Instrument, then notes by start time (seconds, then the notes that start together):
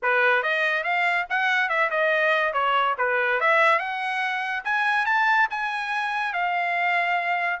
trumpet
0.02 B4
0.42 D#5
0.83 F5
1.29 F#5
1.69 E5
1.90 D#5
2.53 C#5
2.98 B4
3.40 E5
3.78 F#5
4.64 G#5
5.05 A5
5.50 G#5
6.33 F5